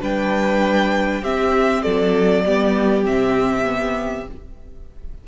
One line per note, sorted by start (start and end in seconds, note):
0.00 1.21 G3
0.00 1.22 D4
0.00 1.21 B4
0.00 1.23 G5
1.21 1.82 C4
1.21 2.44 C4
1.21 1.82 G4
1.21 1.82 E5
1.82 2.45 F#3
1.82 2.43 A4
1.82 3.03 D5
2.45 3.06 G3
2.45 3.05 B3
2.45 4.27 G4
3.05 4.27 C3
3.05 3.64 C4
3.05 4.27 E5
3.64 4.25 B3